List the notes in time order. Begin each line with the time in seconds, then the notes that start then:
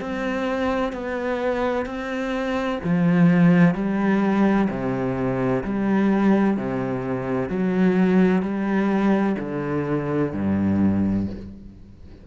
0.00 C4
0.92 B3
1.85 C4
2.83 F3
3.74 G3
4.69 C3
5.63 G3
6.57 C3
7.49 F#3
8.42 G3
9.39 D3
10.33 G2